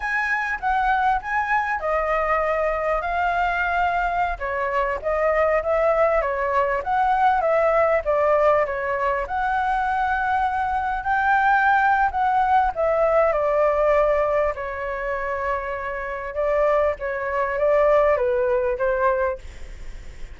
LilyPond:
\new Staff \with { instrumentName = "flute" } { \time 4/4 \tempo 4 = 99 gis''4 fis''4 gis''4 dis''4~ | dis''4 f''2~ f''16 cis''8.~ | cis''16 dis''4 e''4 cis''4 fis''8.~ | fis''16 e''4 d''4 cis''4 fis''8.~ |
fis''2~ fis''16 g''4.~ g''16 | fis''4 e''4 d''2 | cis''2. d''4 | cis''4 d''4 b'4 c''4 | }